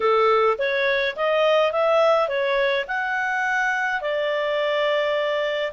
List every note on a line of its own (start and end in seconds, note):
0.00 0.57 A4
0.58 1.15 C#5
1.16 1.72 D#5
1.72 2.28 E5
2.28 2.85 C#5
2.87 4.01 F#5
4.01 5.72 D5